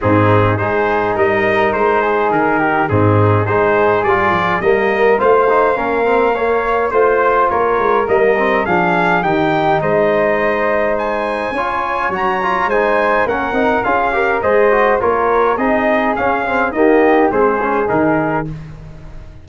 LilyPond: <<
  \new Staff \with { instrumentName = "trumpet" } { \time 4/4 \tempo 4 = 104 gis'4 c''4 dis''4 c''4 | ais'4 gis'4 c''4 d''4 | dis''4 f''2. | c''4 cis''4 dis''4 f''4 |
g''4 dis''2 gis''4~ | gis''4 ais''4 gis''4 fis''4 | f''4 dis''4 cis''4 dis''4 | f''4 dis''4 c''4 ais'4 | }
  \new Staff \with { instrumentName = "flute" } { \time 4/4 dis'4 gis'4 ais'4. gis'8~ | gis'8 g'8 dis'4 gis'2 | ais'4 c''4 ais'4 cis''4 | c''4 ais'2 gis'4 |
g'4 c''2. | cis''2 c''4 ais'4 | gis'8 ais'8 c''4 ais'4 gis'4~ | gis'4 g'4 gis'2 | }
  \new Staff \with { instrumentName = "trombone" } { \time 4/4 c'4 dis'2.~ | dis'4 c'4 dis'4 f'4 | ais4 f'8 dis'8 cis'8 c'8 ais4 | f'2 ais8 c'8 d'4 |
dis'1 | f'4 fis'8 f'8 dis'4 cis'8 dis'8 | f'8 g'8 gis'8 fis'8 f'4 dis'4 | cis'8 c'8 ais4 c'8 cis'8 dis'4 | }
  \new Staff \with { instrumentName = "tuba" } { \time 4/4 gis,4 gis4 g4 gis4 | dis4 gis,4 gis4 g8 f8 | g4 a4 ais2 | a4 ais8 gis8 g4 f4 |
dis4 gis2. | cis'4 fis4 gis4 ais8 c'8 | cis'4 gis4 ais4 c'4 | cis'4 dis'4 gis4 dis4 | }
>>